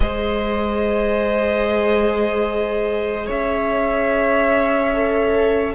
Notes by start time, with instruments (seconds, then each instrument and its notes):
0.00 cello G#3, viola G#4, violin C5 D#5
3.26 cello C#4, violin C#5 E5
4.94 viola A4